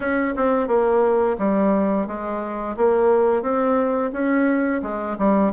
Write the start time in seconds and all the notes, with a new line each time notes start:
0.00 C#4
0.36 C4
0.67 A#3
1.38 G3
2.07 G#3
2.76 A#3
3.42 C4
4.12 C#4
4.82 G#3
5.18 G3